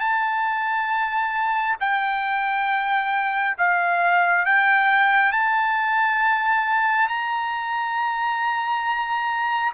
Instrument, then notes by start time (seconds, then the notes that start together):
trumpet
0.00 A5
1.80 G5
3.58 F5
4.46 G5
5.33 A5
7.08 A#5